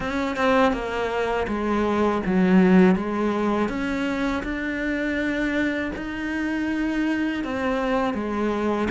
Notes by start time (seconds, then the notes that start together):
0.00 C#4
0.36 C4
0.72 A#3
1.47 G#3
2.26 F#3
2.95 G#3
3.68 C#4
4.43 D4
5.96 D#4
7.43 C4
8.14 G#3